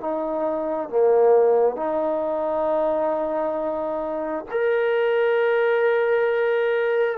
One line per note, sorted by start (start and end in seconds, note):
0.00 0.89 D#4
0.89 1.76 A#3
1.76 4.45 D#4
4.51 7.18 A#4